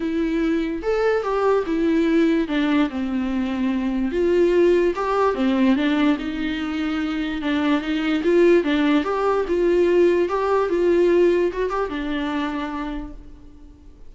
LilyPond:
\new Staff \with { instrumentName = "viola" } { \time 4/4 \tempo 4 = 146 e'2 a'4 g'4 | e'2 d'4 c'4~ | c'2 f'2 | g'4 c'4 d'4 dis'4~ |
dis'2 d'4 dis'4 | f'4 d'4 g'4 f'4~ | f'4 g'4 f'2 | fis'8 g'8 d'2. | }